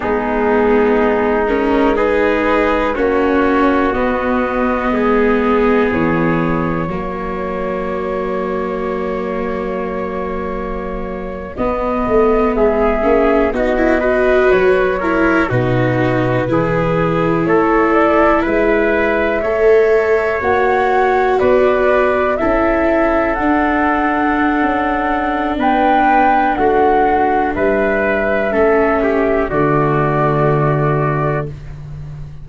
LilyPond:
<<
  \new Staff \with { instrumentName = "flute" } { \time 4/4 \tempo 4 = 61 gis'4. ais'8 b'4 cis''4 | dis''2 cis''2~ | cis''2.~ cis''8. dis''16~ | dis''8. e''4 dis''4 cis''4 b'16~ |
b'4.~ b'16 cis''8 d''8 e''4~ e''16~ | e''8. fis''4 d''4 e''4 fis''16~ | fis''2 g''4 fis''4 | e''2 d''2 | }
  \new Staff \with { instrumentName = "trumpet" } { \time 4/4 dis'2 gis'4 fis'4~ | fis'4 gis'2 fis'4~ | fis'1~ | fis'8. gis'4 fis'8 b'4 ais'8 fis'16~ |
fis'8. gis'4 a'4 b'4 cis''16~ | cis''4.~ cis''16 b'4 a'4~ a'16~ | a'2 b'4 fis'4 | b'4 a'8 g'8 fis'2 | }
  \new Staff \with { instrumentName = "viola" } { \time 4/4 b4. cis'8 dis'4 cis'4 | b2. ais4~ | ais2.~ ais8. b16~ | b4~ b16 cis'8 dis'16 e'16 fis'4 e'8 dis'16~ |
dis'8. e'2. a'16~ | a'8. fis'2 e'4 d'16~ | d'1~ | d'4 cis'4 a2 | }
  \new Staff \with { instrumentName = "tuba" } { \time 4/4 gis2. ais4 | b4 gis4 e4 fis4~ | fis2.~ fis8. b16~ | b16 a8 gis8 ais8 b4 fis4 b,16~ |
b,8. e4 a4 gis4 a16~ | a8. ais4 b4 cis'4 d'16~ | d'4 cis'4 b4 a4 | g4 a4 d2 | }
>>